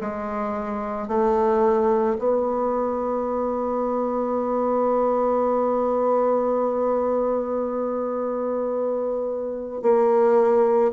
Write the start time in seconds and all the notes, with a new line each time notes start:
0.00 G#3
1.08 A3
2.18 B3
9.82 A#3